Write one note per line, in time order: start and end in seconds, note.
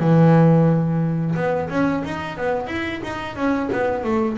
0.00 1.35 E3
1.35 1.69 B3
1.69 2.03 C#4
2.05 2.37 D#4
2.37 2.67 B3
2.67 3.01 E4
3.03 3.36 D#4
3.36 3.70 C#4
3.72 4.04 B3
4.04 4.38 A3